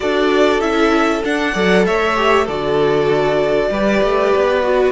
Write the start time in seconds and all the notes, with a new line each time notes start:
0.00 D4 F#4 A4 D5
0.60 C#4 E4 E5
1.24 D4 F#5
1.52 F#3 A4 D5
1.85 A3 C#5 E5
2.15 G4
2.45 D3 F#4 A4 D5
3.69 G3 G4 B4
4.02 A3
4.35 B3
4.62 F#4